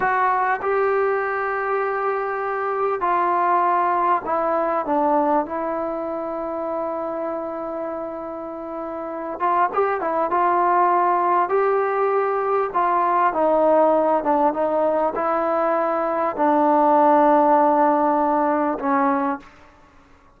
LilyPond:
\new Staff \with { instrumentName = "trombone" } { \time 4/4 \tempo 4 = 99 fis'4 g'2.~ | g'4 f'2 e'4 | d'4 e'2.~ | e'2.~ e'8 f'8 |
g'8 e'8 f'2 g'4~ | g'4 f'4 dis'4. d'8 | dis'4 e'2 d'4~ | d'2. cis'4 | }